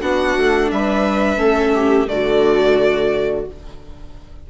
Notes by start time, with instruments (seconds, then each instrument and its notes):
0.00 bassoon B3, viola D4 F#4, violin F#5
0.38 bassoon A3
0.71 bassoon G3, viola B4, violin E5
1.37 bassoon A3, viola C#4 A4
1.75 viola G4
2.07 bassoon D3, viola A3 F#4, violin D5